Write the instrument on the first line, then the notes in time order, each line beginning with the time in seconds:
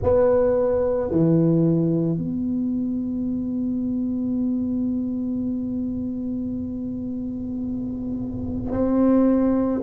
tuba
0.02 B3
1.11 E3
2.18 B3
8.71 C4